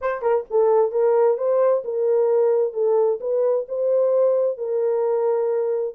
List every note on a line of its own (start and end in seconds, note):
0.01 0.21 C5
0.21 0.44 A#4
0.50 0.91 A4
0.91 1.37 A#4
1.37 1.83 C5
1.84 2.73 A#4
2.73 3.19 A4
3.20 3.66 B4
3.68 4.57 C5
4.57 5.94 A#4